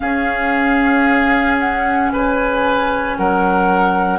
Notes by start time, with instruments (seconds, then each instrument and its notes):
0.00 clarinet C#4, bassoon C#4, oboe G#4, flute F5
1.59 flute F#5
2.12 bassoon C#3, oboe B4, flute G#5
3.17 bassoon F#3, oboe A#4, flute F#5